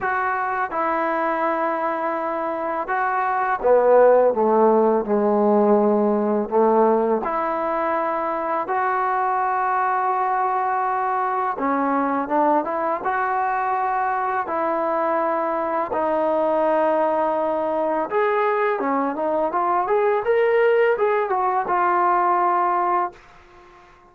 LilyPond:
\new Staff \with { instrumentName = "trombone" } { \time 4/4 \tempo 4 = 83 fis'4 e'2. | fis'4 b4 a4 gis4~ | gis4 a4 e'2 | fis'1 |
cis'4 d'8 e'8 fis'2 | e'2 dis'2~ | dis'4 gis'4 cis'8 dis'8 f'8 gis'8 | ais'4 gis'8 fis'8 f'2 | }